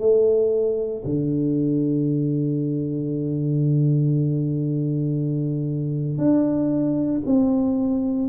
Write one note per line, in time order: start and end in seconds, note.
0.00 1.03 A3
1.05 6.18 D3
6.18 7.22 D4
7.26 8.29 C4